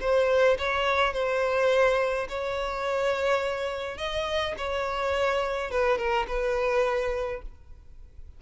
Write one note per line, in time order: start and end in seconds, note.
0.00 0.57 C5
0.58 1.13 C#5
1.13 2.27 C5
2.29 3.97 C#5
3.97 4.55 D#5
4.57 5.71 C#5
5.71 5.98 B4
5.98 6.26 A#4
6.28 7.42 B4